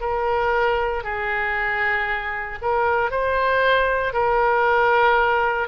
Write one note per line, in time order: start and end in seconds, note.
0.00 1.03 A#4
1.03 2.59 G#4
2.61 3.10 A#4
3.10 4.13 C5
4.13 5.68 A#4